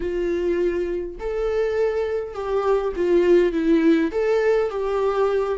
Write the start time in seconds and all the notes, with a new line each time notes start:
0.00 F4
1.19 A4
2.33 G4
2.96 F4
3.52 E4
4.11 A4
4.70 G4